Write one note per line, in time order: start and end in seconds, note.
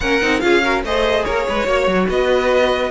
0.00 0.21 A#3
0.00 0.21 C#4
0.00 0.43 A#4
0.00 0.39 F#5
0.21 0.42 C4
0.21 0.41 D#4
0.39 0.83 C#4
0.39 0.62 F4
0.39 0.63 G#4
0.39 0.81 F5
0.62 0.83 F#4
0.62 0.84 A#4
0.83 1.25 A3
0.83 1.66 G#4
0.83 1.25 C5
0.83 1.24 D#5
1.24 1.47 A#3
1.24 1.46 A#4
1.24 2.07 C#5
1.48 1.66 G#3
1.48 1.67 B4
1.66 1.87 A#3
1.66 2.90 F#4
1.66 2.09 C#5
1.87 2.07 F#3
2.08 2.90 B3
2.08 2.90 B4
2.08 2.90 D#5